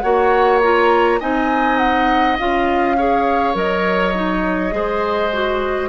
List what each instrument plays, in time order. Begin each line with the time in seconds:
0.00 bassoon A#3, clarinet F#4, oboe C#5, flute F#5
0.61 clarinet F4, flute A#5
1.20 bassoon C4, clarinet D#4, oboe D#5, flute G#5
1.77 flute F#5
2.38 bassoon C#4, clarinet F4, flute F5
2.97 clarinet G#4, oboe C#5
3.54 bassoon F#3, clarinet A#4, flute D#5
4.14 clarinet D#4
4.70 bassoon G#3, clarinet G#4, oboe C5
5.33 clarinet F#4